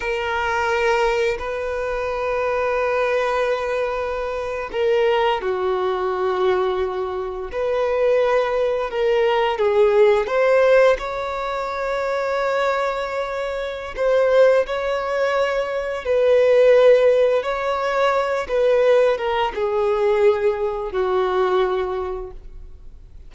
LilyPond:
\new Staff \with { instrumentName = "violin" } { \time 4/4 \tempo 4 = 86 ais'2 b'2~ | b'2~ b'8. ais'4 fis'16~ | fis'2~ fis'8. b'4~ b'16~ | b'8. ais'4 gis'4 c''4 cis''16~ |
cis''1 | c''4 cis''2 b'4~ | b'4 cis''4. b'4 ais'8 | gis'2 fis'2 | }